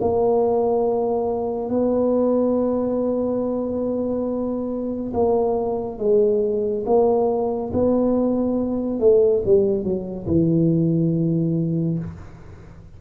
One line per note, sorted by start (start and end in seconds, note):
0.00 1.69 A#3
1.69 5.12 B3
5.13 5.98 A#3
5.98 6.84 G#3
6.85 7.71 A#3
7.73 8.99 B3
8.99 9.42 A3
9.45 9.83 G3
9.83 10.26 F#3
10.27 11.98 E3